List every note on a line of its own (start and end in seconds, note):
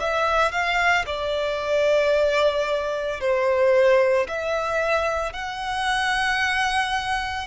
0.00 0.52 E5
0.52 1.05 F5
1.06 3.20 D5
3.20 4.27 C5
4.28 5.33 E5
5.33 7.47 F#5